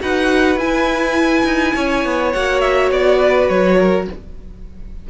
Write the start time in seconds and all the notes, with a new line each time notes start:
0.00 D#4 F#4 B4 F#5
0.56 E4 G#5
1.45 D#4
1.76 C#4 C#5
2.05 B3
2.33 A#3 F#4 F#5
2.61 E5
2.91 B3 D5
3.19 B4
3.49 F#3 C#5
3.79 A#4